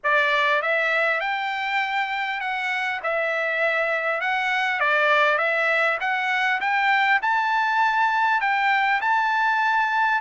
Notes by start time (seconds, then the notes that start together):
0.03 D5
0.61 E5
1.20 G5
2.40 F#5
3.03 E5
4.21 F#5
4.80 D5
5.38 E5
6.00 F#5
6.61 G5
7.22 A5
8.40 G5
9.01 A5